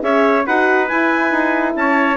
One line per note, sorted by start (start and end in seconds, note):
0.00 0.45 C#4
0.00 0.43 G#4
0.00 0.46 C#5
0.00 0.46 E5
0.46 0.90 D#4
0.46 0.88 F#4
0.46 1.76 B4
0.46 0.88 F#5
0.88 2.17 E4
0.88 1.31 E4
0.88 1.74 G#5
1.31 1.74 D#4
1.76 2.17 C#4
1.76 2.17 C#5
1.76 2.17 A5